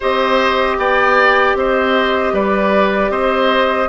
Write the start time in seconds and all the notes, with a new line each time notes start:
0.00 C4 G4 C5 D#5
0.77 B3 D5 G5
1.54 C4 C5 D#5
2.32 G3 B4 D5
3.09 C4 C5 D#5